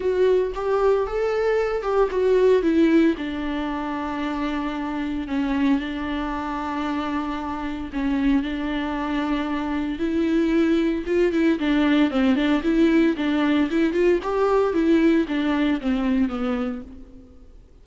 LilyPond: \new Staff \with { instrumentName = "viola" } { \time 4/4 \tempo 4 = 114 fis'4 g'4 a'4. g'8 | fis'4 e'4 d'2~ | d'2 cis'4 d'4~ | d'2. cis'4 |
d'2. e'4~ | e'4 f'8 e'8 d'4 c'8 d'8 | e'4 d'4 e'8 f'8 g'4 | e'4 d'4 c'4 b4 | }